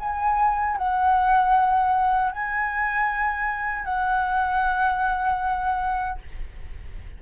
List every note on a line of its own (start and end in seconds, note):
0.00 0.78 G#5
0.78 2.32 F#5
2.32 3.85 G#5
3.85 6.19 F#5